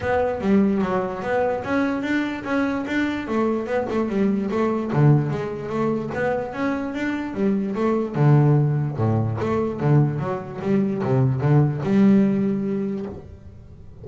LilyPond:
\new Staff \with { instrumentName = "double bass" } { \time 4/4 \tempo 4 = 147 b4 g4 fis4 b4 | cis'4 d'4 cis'4 d'4 | a4 b8 a8 g4 a4 | d4 gis4 a4 b4 |
cis'4 d'4 g4 a4 | d2 a,4 a4 | d4 fis4 g4 c4 | d4 g2. | }